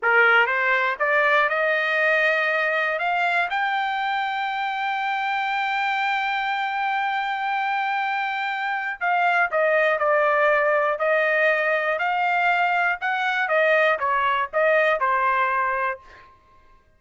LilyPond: \new Staff \with { instrumentName = "trumpet" } { \time 4/4 \tempo 4 = 120 ais'4 c''4 d''4 dis''4~ | dis''2 f''4 g''4~ | g''1~ | g''1~ |
g''2 f''4 dis''4 | d''2 dis''2 | f''2 fis''4 dis''4 | cis''4 dis''4 c''2 | }